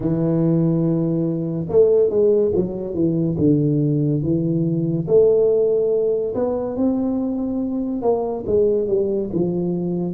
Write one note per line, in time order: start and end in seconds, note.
0.00 1.67 E3
1.68 2.09 A3
2.09 2.51 G#3
2.54 2.93 F#3
2.93 3.36 E3
3.38 4.22 D3
4.22 5.07 E3
5.07 6.34 A3
6.35 6.76 B3
6.76 8.02 C4
8.02 8.44 A#3
8.46 8.87 G#3
8.87 9.30 G3
9.33 10.13 F3